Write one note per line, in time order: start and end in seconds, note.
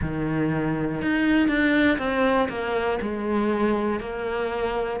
0.01 1.01 D#3
1.01 1.48 D#4
1.48 1.98 D4
1.98 2.48 C4
2.49 2.99 A#3
3.01 4.00 G#3
4.00 5.00 A#3